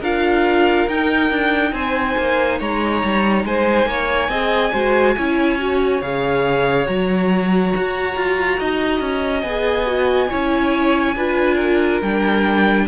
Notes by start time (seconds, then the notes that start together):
0.00 D4 F4 A#4 F5
0.87 D#4 G5
1.30 D4
1.72 C4 C5 G#5
2.18 A#3
2.59 G#3 C#5 A#5
3.04 G3
3.44 G#3 C5 G#5
3.86 A#3 C#5
4.28 C4 G#4 D#5
4.72 G#3 F#4 C5
5.16 C#4 E4 C#5
5.59 F#4
6.02 C#3 G#4 F5
6.86 F#3 F#4 A#5
7.76 F#4
8.17 F4
8.59 D#4 D#5
9.00 C#4
9.42 B3 G#4 G#5
9.86 F#4
10.29 C#4 E4 C#5
11.16 D4 F4 B4
11.55 A#4
12.02 G3 D4 G5